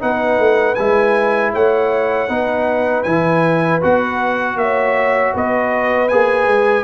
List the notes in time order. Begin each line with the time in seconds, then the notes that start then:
0.00 B3 D#4 B4 F#5
0.39 A3
0.75 G#3 E4 G#5
1.54 A3 C#5 F#5
2.29 B3 D#4 B4
3.03 E3 E4 G#5
3.82 B3 F#4 F#5
4.56 A#3 E5
4.62 C#5
5.34 B3 B4 D#5
6.09 A#3 G#4 G#5
6.48 G#3